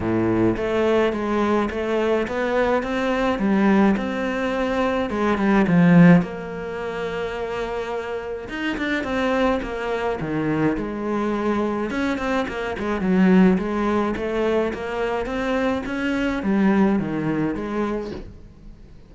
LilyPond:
\new Staff \with { instrumentName = "cello" } { \time 4/4 \tempo 4 = 106 a,4 a4 gis4 a4 | b4 c'4 g4 c'4~ | c'4 gis8 g8 f4 ais4~ | ais2. dis'8 d'8 |
c'4 ais4 dis4 gis4~ | gis4 cis'8 c'8 ais8 gis8 fis4 | gis4 a4 ais4 c'4 | cis'4 g4 dis4 gis4 | }